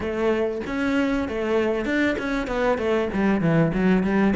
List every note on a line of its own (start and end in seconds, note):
0.00 0.61 A3
0.66 1.28 C#4
1.28 1.85 A3
1.85 2.16 D4
2.18 2.47 C#4
2.47 2.78 B3
2.78 3.08 A3
3.13 3.40 G3
3.40 3.71 E3
3.73 4.03 F#3
4.03 4.34 G3